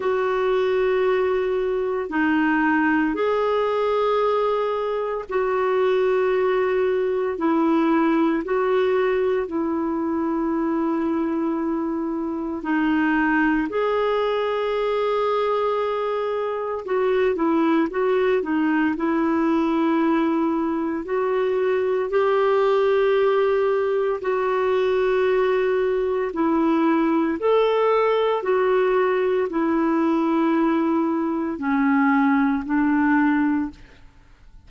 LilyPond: \new Staff \with { instrumentName = "clarinet" } { \time 4/4 \tempo 4 = 57 fis'2 dis'4 gis'4~ | gis'4 fis'2 e'4 | fis'4 e'2. | dis'4 gis'2. |
fis'8 e'8 fis'8 dis'8 e'2 | fis'4 g'2 fis'4~ | fis'4 e'4 a'4 fis'4 | e'2 cis'4 d'4 | }